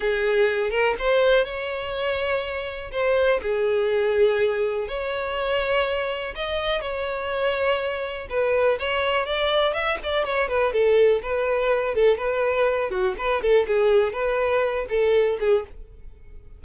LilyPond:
\new Staff \with { instrumentName = "violin" } { \time 4/4 \tempo 4 = 123 gis'4. ais'8 c''4 cis''4~ | cis''2 c''4 gis'4~ | gis'2 cis''2~ | cis''4 dis''4 cis''2~ |
cis''4 b'4 cis''4 d''4 | e''8 d''8 cis''8 b'8 a'4 b'4~ | b'8 a'8 b'4. fis'8 b'8 a'8 | gis'4 b'4. a'4 gis'8 | }